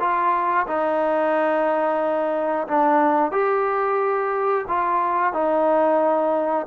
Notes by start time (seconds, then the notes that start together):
0.00 F4
0.67 D#4
2.68 D4
3.32 G4
4.68 F4
5.33 D#4